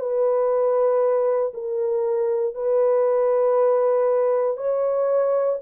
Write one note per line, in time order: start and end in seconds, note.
0.00 1.53 B4
1.54 2.55 A#4
2.55 4.57 B4
4.57 5.59 C#5